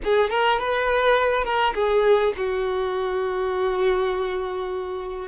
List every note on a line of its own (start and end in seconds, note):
0.04 0.30 G#4
0.30 0.59 A#4
0.59 1.44 B4
1.44 1.73 A#4
1.74 2.33 G#4
2.36 5.28 F#4